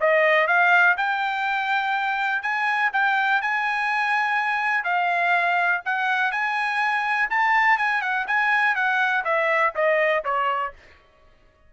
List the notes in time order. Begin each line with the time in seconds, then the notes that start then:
0.00 D#5
0.47 F5
0.97 G5
2.42 G#5
2.92 G5
3.41 G#5
4.84 F5
5.85 F#5
6.31 G#5
7.30 A5
7.77 G#5
8.01 F#5
8.27 G#5
8.75 F#5
9.24 E5
9.75 D#5
10.24 C#5